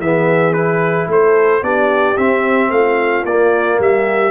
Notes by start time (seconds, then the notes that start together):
0.00 E3 B3 G#4 E5
0.53 E4 B4
1.08 A3 A4 C5
1.62 B3 D4 G4 D5
2.17 C4 E5
2.70 A3 F4 F5
3.25 A#3 D5
3.79 G3 G4 E5